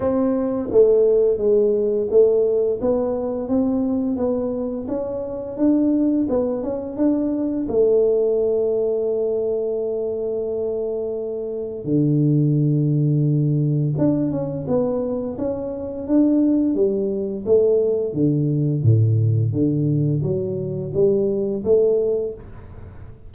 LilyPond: \new Staff \with { instrumentName = "tuba" } { \time 4/4 \tempo 4 = 86 c'4 a4 gis4 a4 | b4 c'4 b4 cis'4 | d'4 b8 cis'8 d'4 a4~ | a1~ |
a4 d2. | d'8 cis'8 b4 cis'4 d'4 | g4 a4 d4 a,4 | d4 fis4 g4 a4 | }